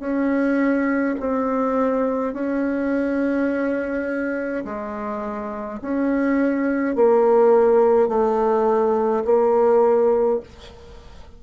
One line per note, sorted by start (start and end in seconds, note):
0.00 1.15 C#4
1.20 2.34 C4
2.34 4.65 C#4
4.65 5.81 G#3
5.82 6.96 C#4
6.96 8.09 A#3
8.09 9.24 A3
9.25 10.41 A#3